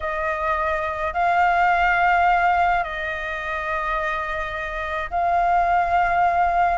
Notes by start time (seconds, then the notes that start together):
0.00 D#5
1.13 F5
2.83 D#5
5.10 F5